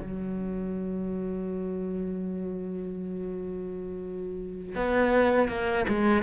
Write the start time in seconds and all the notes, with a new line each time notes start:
0.00 F#3
4.75 B3
5.48 A#3
5.89 G#3